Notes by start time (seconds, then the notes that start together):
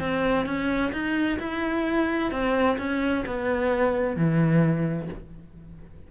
0.00 C4
0.46 C#4
0.93 D#4
1.40 E4
2.32 C4
2.79 C#4
3.26 B3
4.16 E3